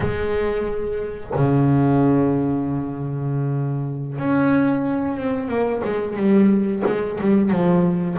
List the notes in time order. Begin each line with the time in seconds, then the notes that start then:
0.00 G#3
1.35 C#3
4.18 C#4
5.16 C4
5.48 A#3
5.84 G#3
6.16 G3
6.85 G#3
7.20 G3
7.50 F3